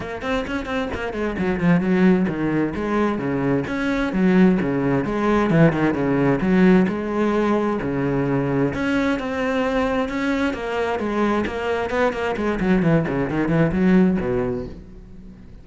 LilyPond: \new Staff \with { instrumentName = "cello" } { \time 4/4 \tempo 4 = 131 ais8 c'8 cis'8 c'8 ais8 gis8 fis8 f8 | fis4 dis4 gis4 cis4 | cis'4 fis4 cis4 gis4 | e8 dis8 cis4 fis4 gis4~ |
gis4 cis2 cis'4 | c'2 cis'4 ais4 | gis4 ais4 b8 ais8 gis8 fis8 | e8 cis8 dis8 e8 fis4 b,4 | }